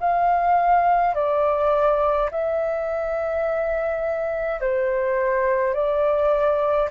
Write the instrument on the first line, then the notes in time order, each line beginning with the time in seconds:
flute
0.00 F5
1.15 D5
2.31 E5
4.60 C5
5.74 D5